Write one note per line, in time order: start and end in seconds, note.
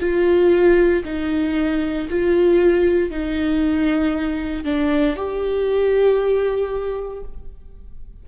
0.00 1.03 F4
1.04 2.08 D#4
2.09 3.10 F4
3.10 4.64 D#4
4.64 5.16 D4
5.16 7.23 G4